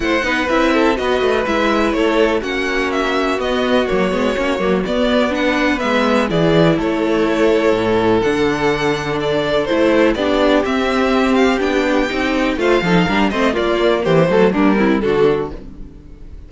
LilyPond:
<<
  \new Staff \with { instrumentName = "violin" } { \time 4/4 \tempo 4 = 124 fis''4 e''4 dis''4 e''4 | cis''4 fis''4 e''4 dis''4 | cis''2 d''4 fis''4 | e''4 d''4 cis''2~ |
cis''4 fis''2 d''4 | c''4 d''4 e''4. f''8 | g''2 f''4. dis''8 | d''4 c''4 ais'4 a'4 | }
  \new Staff \with { instrumentName = "violin" } { \time 4/4 c''8 b'4 a'8 b'2 | a'4 fis'2.~ | fis'2. b'4~ | b'4 gis'4 a'2~ |
a'1~ | a'4 g'2.~ | g'2 c''8 a'8 ais'8 c''8 | f'4 g'8 a'8 d'8 e'8 fis'4 | }
  \new Staff \with { instrumentName = "viola" } { \time 4/4 e'8 dis'8 e'4 fis'4 e'4~ | e'4 cis'2 b4 | ais8 b8 cis'8 ais8 b4 d'4 | b4 e'2.~ |
e'4 d'2. | e'4 d'4 c'2 | d'4 dis'4 f'8 dis'8 d'8 c'8 | ais4. a8 ais8 c'8 d'4 | }
  \new Staff \with { instrumentName = "cello" } { \time 4/4 a8 b8 c'4 b8 a8 gis4 | a4 ais2 b4 | fis8 gis8 ais8 fis8 b2 | gis4 e4 a2 |
a,4 d2. | a4 b4 c'2 | b4 c'4 a8 f8 g8 a8 | ais4 e8 fis8 g4 d4 | }
>>